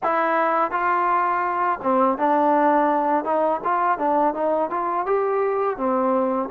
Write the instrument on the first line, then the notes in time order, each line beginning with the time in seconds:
trombone
0.03 E4
0.71 F4
1.82 C4
2.18 D4
3.24 D#4
3.63 F4
3.98 D4
4.34 D#4
4.70 F4
5.05 G4
5.77 C4